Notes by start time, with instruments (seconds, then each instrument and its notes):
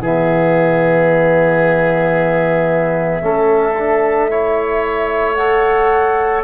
0.00 tuba E3, trombone B3, oboe G#4, flute E5
3.22 tuba A3, trombone C#4, oboe A4
3.79 trombone D4
4.31 trombone E4, oboe C#5
5.35 trombone A4, flute F#5